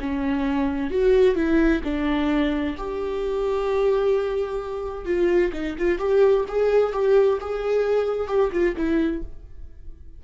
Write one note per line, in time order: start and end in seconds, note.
0.00 0.90 C#4
0.90 1.35 F#4
1.35 1.81 E4
1.84 2.76 D4
2.77 5.05 G4
5.05 5.52 F4
5.53 5.76 D#4
5.78 5.99 F4
5.99 6.45 G4
6.48 6.93 G#4
6.93 7.39 G4
7.41 8.27 G#4
8.27 8.50 G4
8.52 8.75 F4
8.76 9.22 E4